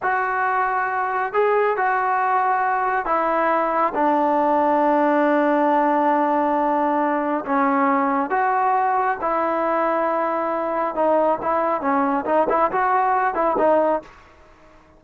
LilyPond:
\new Staff \with { instrumentName = "trombone" } { \time 4/4 \tempo 4 = 137 fis'2. gis'4 | fis'2. e'4~ | e'4 d'2.~ | d'1~ |
d'4 cis'2 fis'4~ | fis'4 e'2.~ | e'4 dis'4 e'4 cis'4 | dis'8 e'8 fis'4. e'8 dis'4 | }